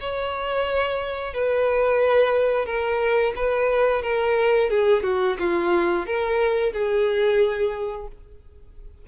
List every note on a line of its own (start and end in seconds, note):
0.00 1.34 C#5
1.34 2.66 B4
2.66 3.33 A#4
3.36 4.02 B4
4.02 4.69 A#4
4.70 5.03 G#4
5.03 5.37 F#4
5.39 6.06 F4
6.06 6.72 A#4
6.72 8.07 G#4